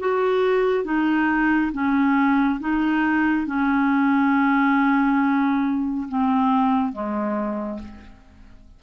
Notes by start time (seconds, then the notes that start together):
0.00 F#4
0.85 D#4
1.73 C#4
2.60 D#4
3.47 C#4
6.09 C4
6.92 G#3